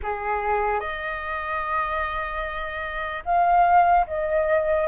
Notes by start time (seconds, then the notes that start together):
0.03 G#4
0.80 D#5
3.25 F5
4.07 D#5